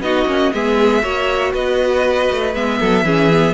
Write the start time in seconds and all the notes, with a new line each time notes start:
0.00 B3 D#4 F#4 D#5
0.26 A#3 C#4
0.52 G#3 B3 G#4 E5
1.02 A#3 F#4 C#5
1.52 B3 B4 D#5
2.31 A3
2.54 G#3 B3 E5
2.79 F#3 A4
3.03 E3 C#4 G#4
3.31 B3